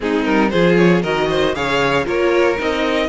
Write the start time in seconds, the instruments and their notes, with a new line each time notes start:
0.00 cello G#3, viola C4, violin D#4 G#4
0.24 cello G3, violin A#4
0.49 cello F3, viola F4, violin G#4 C5
0.76 violin C#5
1.02 cello D#3, viola F#4, violin A#4 D#5
1.29 violin C5
1.54 cello C#3, viola G#4, violin C#5 F5
2.04 cello A#3, viola F4, violin A#4 C#5
2.57 cello C4, viola D#4, violin D#5